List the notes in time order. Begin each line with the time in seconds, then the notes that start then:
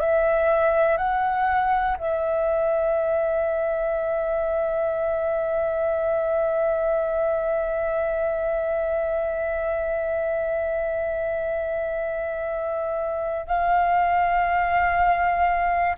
0.00 E5
0.97 F#5
1.98 E5
13.46 F5